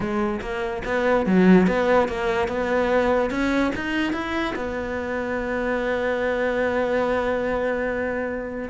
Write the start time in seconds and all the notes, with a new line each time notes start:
0.00 G#3
0.41 A#3
0.84 B3
1.25 F#3
1.67 B3
2.08 A#3
2.48 B3
3.30 C#4
3.75 D#4
4.12 E4
4.55 B3